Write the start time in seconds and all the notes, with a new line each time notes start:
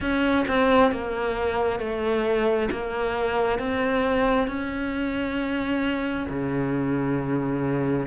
0.00 C#4
0.47 C4
0.91 A#3
1.79 A3
2.71 A#3
3.58 C4
4.47 C#4
6.29 C#3